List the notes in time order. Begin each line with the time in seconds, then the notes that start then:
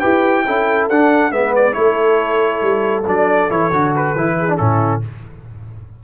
0.00 E4 G4 B4 G5
0.46 C#4 E4 A4
0.89 D4 F#5
1.32 G#3 B3 B4 E5
1.56 D5
1.72 A3 E4 A4 C#5
2.62 G3
3.06 F#3 D4 D5
3.50 E3 E4 C#5
3.72 D3 F#4
3.96 B4
4.16 E3 E4
4.39 G#4
4.49 D4
4.57 A2 C#4 E4 A4